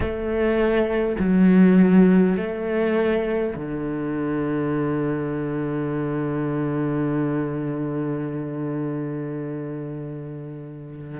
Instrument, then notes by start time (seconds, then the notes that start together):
cello
0.00 A3
1.19 F#3
2.36 A3
3.55 D3